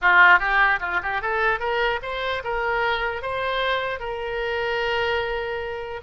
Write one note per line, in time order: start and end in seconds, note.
0.01 0.39 F4
0.39 0.79 G4
0.80 1.00 F4
1.02 1.21 G4
1.21 1.59 A4
1.59 2.00 A#4
2.02 2.42 C5
2.44 3.22 A#4
3.22 3.99 C5
3.99 6.00 A#4